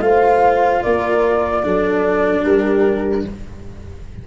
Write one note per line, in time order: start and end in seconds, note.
0.00 0.81 A3
0.00 1.63 F4
0.00 0.83 C5
0.00 0.82 F5
0.82 1.66 A#3
0.82 1.63 A#4
0.82 2.44 D5
1.63 2.46 F#3
1.63 3.25 D4
1.63 2.43 A4
2.43 3.27 G3
2.43 3.24 G4
2.43 3.26 A#4